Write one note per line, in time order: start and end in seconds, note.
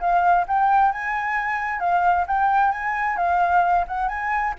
0.00 0.46 F5
0.48 0.92 G5
0.92 1.80 G#5
1.80 2.26 F5
2.27 2.72 G5
2.72 3.17 G#5
3.17 3.86 F5
3.88 4.08 F#5
4.08 4.54 G#5